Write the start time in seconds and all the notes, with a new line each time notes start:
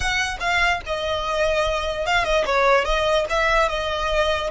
0.00 F#5
0.40 F5
0.86 D#5
2.06 F5
2.24 D#5
2.45 C#5
2.84 D#5
3.29 E5
3.68 D#5